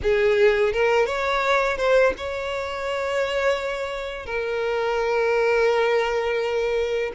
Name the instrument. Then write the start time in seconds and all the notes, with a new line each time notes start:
violin
0.02 G#4
0.72 A#4
1.06 C#5
1.77 C5
2.17 C#5
4.26 A#4